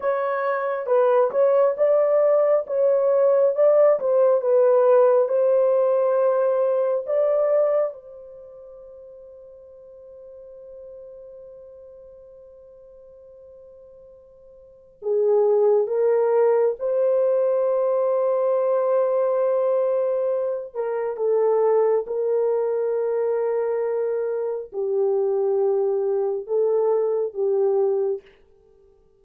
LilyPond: \new Staff \with { instrumentName = "horn" } { \time 4/4 \tempo 4 = 68 cis''4 b'8 cis''8 d''4 cis''4 | d''8 c''8 b'4 c''2 | d''4 c''2.~ | c''1~ |
c''4 gis'4 ais'4 c''4~ | c''2.~ c''8 ais'8 | a'4 ais'2. | g'2 a'4 g'4 | }